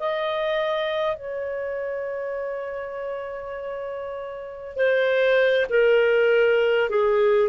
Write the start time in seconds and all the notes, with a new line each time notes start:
0.00 D#5
1.17 C#5
4.77 C5
5.70 A#4
6.90 G#4